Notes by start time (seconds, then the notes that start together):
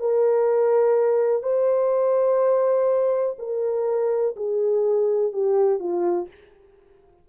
0.00 A#4
1.43 C5
3.39 A#4
4.37 G#4
5.33 G4
5.80 F4